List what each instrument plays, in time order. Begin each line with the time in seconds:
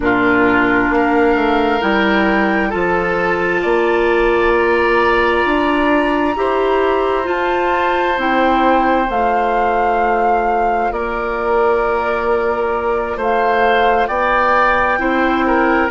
0.00 bassoon A#2, clarinet D4, oboe F4, flute A#4
0.89 bassoon A#3, flute F5
0.96 oboe A#4
1.34 bassoon A3
1.80 bassoon G3, clarinet E4, flute G5
2.69 bassoon F3, clarinet F4, oboe A4, flute A5
3.62 bassoon A#3, oboe D5
4.57 flute A#5
5.45 bassoon D4
6.36 bassoon E4, clarinet G4, oboe C5
7.24 clarinet F4, bassoon F4, flute A5
8.17 bassoon C4, clarinet E4, flute G5
9.05 bassoon A3, clarinet F4, flute F5
10.92 bassoon A#3, oboe A#4, flute D5
13.16 bassoon A3, oboe C5, flute F5
14.07 bassoon B3, oboe D5, flute G5
14.98 bassoon C4, clarinet E4, oboe C5
15.47 oboe A#4